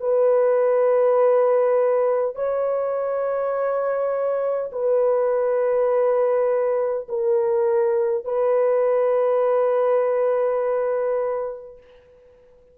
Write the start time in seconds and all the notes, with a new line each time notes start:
0.00 B4
2.35 C#5
4.72 B4
7.09 A#4
8.25 B4